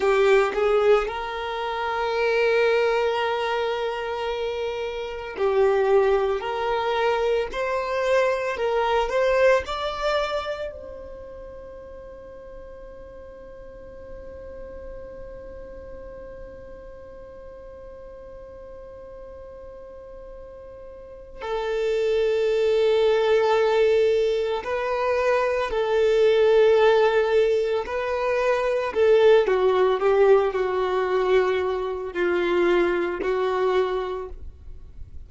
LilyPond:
\new Staff \with { instrumentName = "violin" } { \time 4/4 \tempo 4 = 56 g'8 gis'8 ais'2.~ | ais'4 g'4 ais'4 c''4 | ais'8 c''8 d''4 c''2~ | c''1~ |
c''1 | a'2. b'4 | a'2 b'4 a'8 fis'8 | g'8 fis'4. f'4 fis'4 | }